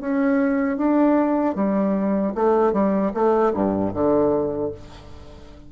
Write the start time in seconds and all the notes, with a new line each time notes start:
0.00 C#4
0.77 D4
1.55 G3
2.34 A3
2.73 G3
3.14 A3
3.53 G2
3.94 D3